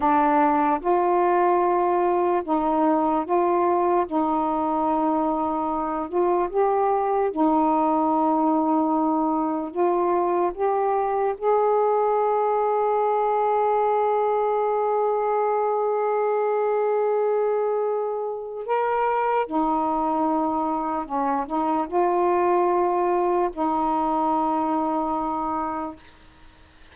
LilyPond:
\new Staff \with { instrumentName = "saxophone" } { \time 4/4 \tempo 4 = 74 d'4 f'2 dis'4 | f'4 dis'2~ dis'8 f'8 | g'4 dis'2. | f'4 g'4 gis'2~ |
gis'1~ | gis'2. ais'4 | dis'2 cis'8 dis'8 f'4~ | f'4 dis'2. | }